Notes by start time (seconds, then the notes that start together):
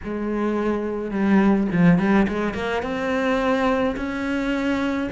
0.04 G#3
1.10 G3
1.71 F3
1.98 G3
2.28 G#3
2.54 A#3
2.82 C4
3.96 C#4